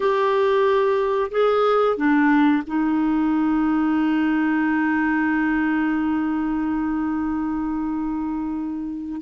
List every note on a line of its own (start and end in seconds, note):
0.00 1.30 G4
1.31 1.97 G#4
1.97 2.63 D4
2.66 9.21 D#4